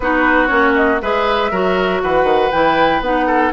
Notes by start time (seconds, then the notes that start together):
0.00 B3 D#4 F#4 B4
0.46 A#3 C#4 C#5
0.75 D#5
1.01 G#3 G#4 B4 E5
1.50 F#3 F#4 A#4
2.02 E3 B4 F#5
2.23 D#3
2.51 E3 E4 G5
3.00 B3 D#4 F#5
3.27 A4